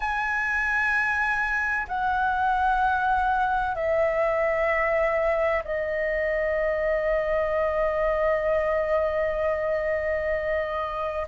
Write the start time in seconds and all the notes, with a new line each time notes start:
0.00 G#5
1.87 F#5
3.75 E5
5.64 D#5